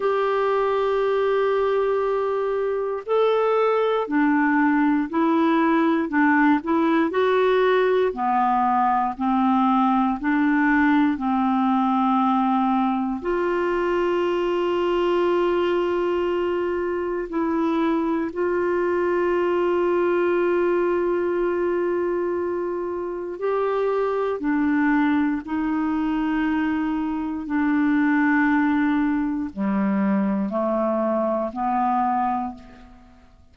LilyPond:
\new Staff \with { instrumentName = "clarinet" } { \time 4/4 \tempo 4 = 59 g'2. a'4 | d'4 e'4 d'8 e'8 fis'4 | b4 c'4 d'4 c'4~ | c'4 f'2.~ |
f'4 e'4 f'2~ | f'2. g'4 | d'4 dis'2 d'4~ | d'4 g4 a4 b4 | }